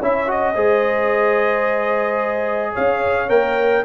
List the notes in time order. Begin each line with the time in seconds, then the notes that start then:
0.00 C#4 E4 C#5 E5
0.27 F#4 D#5
0.54 G#3 G#4 C5
2.72 C#4 C#5 F5
3.28 A#3 A#4 G5